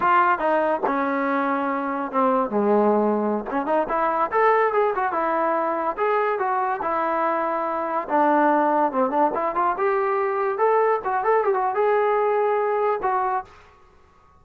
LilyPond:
\new Staff \with { instrumentName = "trombone" } { \time 4/4 \tempo 4 = 143 f'4 dis'4 cis'2~ | cis'4 c'4 gis2~ | gis16 cis'8 dis'8 e'4 a'4 gis'8 fis'16~ | fis'16 e'2 gis'4 fis'8.~ |
fis'16 e'2. d'8.~ | d'4~ d'16 c'8 d'8 e'8 f'8 g'8.~ | g'4~ g'16 a'4 fis'8 a'8 g'16 fis'8 | gis'2. fis'4 | }